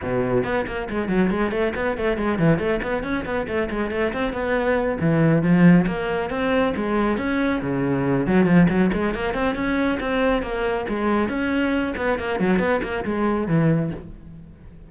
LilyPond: \new Staff \with { instrumentName = "cello" } { \time 4/4 \tempo 4 = 138 b,4 b8 ais8 gis8 fis8 gis8 a8 | b8 a8 gis8 e8 a8 b8 cis'8 b8 | a8 gis8 a8 c'8 b4. e8~ | e8 f4 ais4 c'4 gis8~ |
gis8 cis'4 cis4. fis8 f8 | fis8 gis8 ais8 c'8 cis'4 c'4 | ais4 gis4 cis'4. b8 | ais8 fis8 b8 ais8 gis4 e4 | }